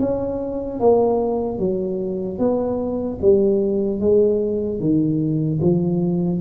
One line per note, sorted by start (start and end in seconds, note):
0.00 0.80 C#4
0.80 1.59 A#3
1.59 2.39 F#3
2.39 3.19 B3
3.22 4.00 G3
4.00 4.80 G#3
4.80 5.60 D#3
5.62 6.41 F3